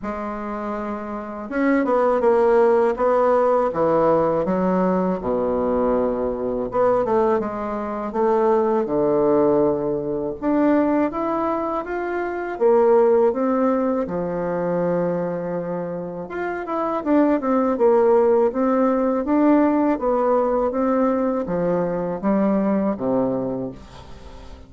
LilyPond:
\new Staff \with { instrumentName = "bassoon" } { \time 4/4 \tempo 4 = 81 gis2 cis'8 b8 ais4 | b4 e4 fis4 b,4~ | b,4 b8 a8 gis4 a4 | d2 d'4 e'4 |
f'4 ais4 c'4 f4~ | f2 f'8 e'8 d'8 c'8 | ais4 c'4 d'4 b4 | c'4 f4 g4 c4 | }